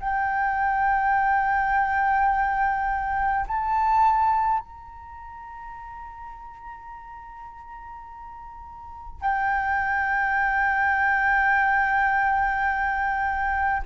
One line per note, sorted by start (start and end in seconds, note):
0.00 3.46 G5
3.48 4.59 A5
4.59 9.21 A#5
9.22 13.83 G5